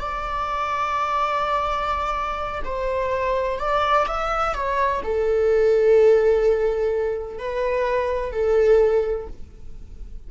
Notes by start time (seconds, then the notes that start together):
0.00 D5
2.64 C5
3.59 D5
4.07 E5
4.54 C#5
5.03 A4
7.38 B4
8.32 A4